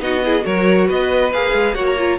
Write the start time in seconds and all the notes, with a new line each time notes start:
0.00 B3 D#4 F#4 D#5
0.25 E4 G#4
0.42 F#3 F#4 A#4 C#5
0.87 B3 B4 D#5
1.32 A#3 G#4 F5
1.53 G#3
1.74 A#3 F#4 C#5 F#5
1.86 A#5
1.98 F4